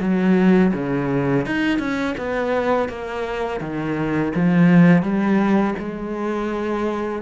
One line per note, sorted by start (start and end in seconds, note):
0.00 0.72 F#3
0.74 1.46 C#3
1.46 1.79 D#4
1.79 2.15 C#4
2.18 2.88 B3
2.88 3.60 A#3
3.60 4.32 D#3
4.35 5.02 F3
5.02 5.74 G3
5.79 7.22 G#3